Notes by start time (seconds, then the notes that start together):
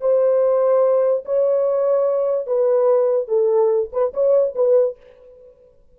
0.00 C5
1.25 C#5
2.47 B4
3.27 A4
3.92 B4
4.13 C#5
4.55 B4